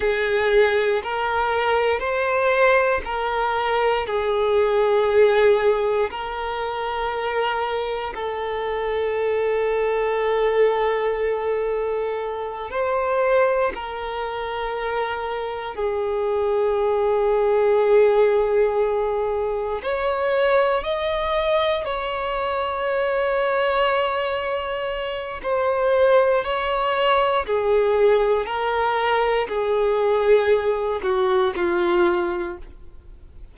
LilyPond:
\new Staff \with { instrumentName = "violin" } { \time 4/4 \tempo 4 = 59 gis'4 ais'4 c''4 ais'4 | gis'2 ais'2 | a'1~ | a'8 c''4 ais'2 gis'8~ |
gis'2.~ gis'8 cis''8~ | cis''8 dis''4 cis''2~ cis''8~ | cis''4 c''4 cis''4 gis'4 | ais'4 gis'4. fis'8 f'4 | }